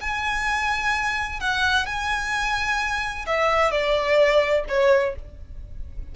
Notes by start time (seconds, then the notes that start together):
0.00 G#5
1.40 F#5
1.86 G#5
3.26 E5
3.71 D5
4.68 C#5